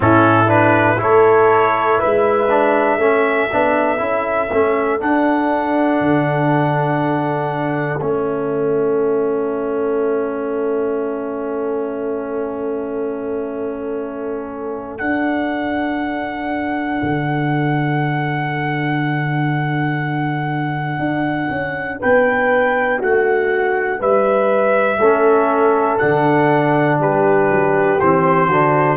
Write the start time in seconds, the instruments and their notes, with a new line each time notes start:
0.00 tuba A2, trombone C#4, horn E4, trumpet A4
0.46 trombone D4, trumpet B4
0.97 tuba A3, trombone E4, horn A4, trumpet C#5
1.98 tuba G#3, horn B4, trumpet E5
2.50 trombone D4
2.96 tuba A3, trombone C#4, horn A4
3.52 tuba B3, trombone D4
3.98 tuba C#4, trombone E4
4.50 tuba A3, trombone C#4
4.99 trombone D4, tuba D4, trumpet F#5
6.00 tuba D3
8.00 tuba A3, trombone C#4, trumpet E5
14.98 trombone D4, tuba D4, trumpet F#5
17.02 tuba D3
20.98 tuba D4
21.50 tuba C#4
21.99 tuba B3, horn B4, trumpet G5
22.99 tuba A3, horn F#4, trumpet F#5
23.99 tuba G3, horn B4, trumpet E5
24.97 tuba A3, trombone C#4, horn A4
25.98 tuba D3, trombone D4, trumpet F#5
26.99 tuba G3, horn G4, trumpet B4
27.50 tuba F#3
28.00 tuba E3, trombone C4, trumpet C5
28.47 tuba D3, trombone D4, horn F#4